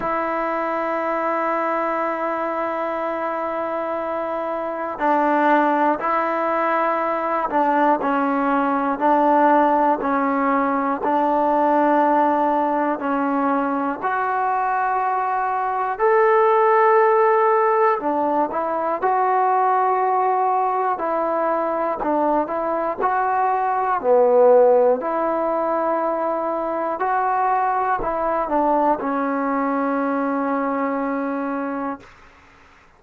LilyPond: \new Staff \with { instrumentName = "trombone" } { \time 4/4 \tempo 4 = 60 e'1~ | e'4 d'4 e'4. d'8 | cis'4 d'4 cis'4 d'4~ | d'4 cis'4 fis'2 |
a'2 d'8 e'8 fis'4~ | fis'4 e'4 d'8 e'8 fis'4 | b4 e'2 fis'4 | e'8 d'8 cis'2. | }